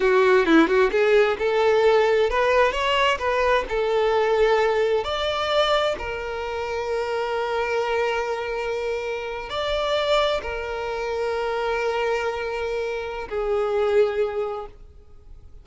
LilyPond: \new Staff \with { instrumentName = "violin" } { \time 4/4 \tempo 4 = 131 fis'4 e'8 fis'8 gis'4 a'4~ | a'4 b'4 cis''4 b'4 | a'2. d''4~ | d''4 ais'2.~ |
ais'1~ | ais'8. d''2 ais'4~ ais'16~ | ais'1~ | ais'4 gis'2. | }